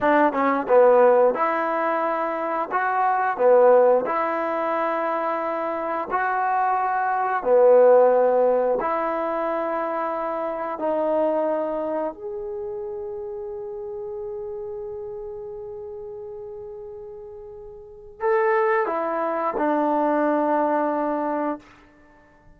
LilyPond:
\new Staff \with { instrumentName = "trombone" } { \time 4/4 \tempo 4 = 89 d'8 cis'8 b4 e'2 | fis'4 b4 e'2~ | e'4 fis'2 b4~ | b4 e'2. |
dis'2 gis'2~ | gis'1~ | gis'2. a'4 | e'4 d'2. | }